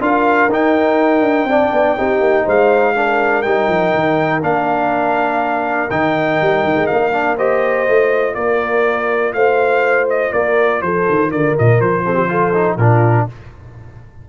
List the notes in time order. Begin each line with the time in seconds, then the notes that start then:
0.00 D4 F4 A#4 F5
0.48 D#4 G5
1.20 D4
1.44 C4 D4 D5
1.72 B3
1.97 C4 D#4 G4
2.20 A#3
2.44 G#3 C5 F5
2.95 D4 A#4
3.42 G3 D#4 G5
3.67 F3
3.93 D#3
4.41 A#3 D4 F5
5.90 D#3 D#4 G5
6.41 G3
6.64 D#3
6.75 G#3
6.87 A#3 F5
7.12 D4
7.35 G4 C5 D#5
7.87 A3 F4
8.34 A#3 A#4 D5
9.33 A3 C5 F5
10.09 D#5
10.32 A#3 A#4 D5
10.81 F3 A4 C5
11.09 D#3
11.30 D3 A#4 D5
11.58 A#2 D#5
11.79 F3 C5
12.05 C4 A4
12.13 G4
12.28 F4 A4
12.54 D#4
12.76 A#2 D4 F4 A#4